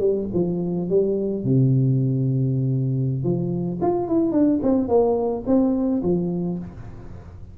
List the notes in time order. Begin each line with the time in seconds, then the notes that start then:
0.00 G3
0.34 F3
0.89 G3
1.44 C3
3.24 F3
3.82 F4
4.08 E4
4.32 D4
4.63 C4
4.88 A#3
5.47 C4
6.03 F3